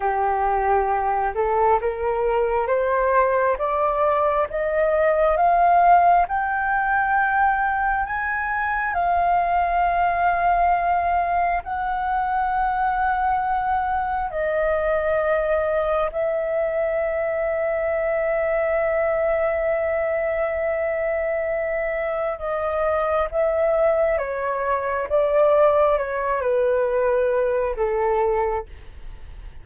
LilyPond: \new Staff \with { instrumentName = "flute" } { \time 4/4 \tempo 4 = 67 g'4. a'8 ais'4 c''4 | d''4 dis''4 f''4 g''4~ | g''4 gis''4 f''2~ | f''4 fis''2. |
dis''2 e''2~ | e''1~ | e''4 dis''4 e''4 cis''4 | d''4 cis''8 b'4. a'4 | }